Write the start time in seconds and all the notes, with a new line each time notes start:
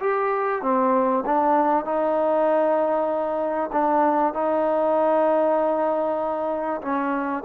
0.00 G4
0.62 C4
1.26 D4
1.84 D#4
3.73 D4
4.34 D#4
6.82 C#4